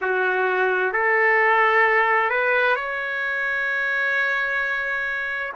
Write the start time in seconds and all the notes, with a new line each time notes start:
0.01 F#4
0.92 A4
2.30 B4
2.75 C#5